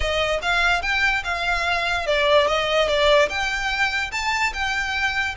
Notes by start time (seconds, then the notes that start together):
0.00 D#5
0.41 F5
0.81 G5
1.24 F5
2.06 D5
2.47 D#5
2.87 D5
3.29 G5
4.11 A5
4.53 G5